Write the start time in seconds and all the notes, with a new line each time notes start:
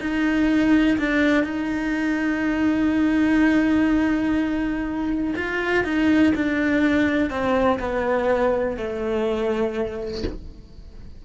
0.00 D#4
0.98 D4
1.44 D#4
5.36 F4
5.84 D#4
6.35 D4
7.30 C4
7.79 B3
8.77 A3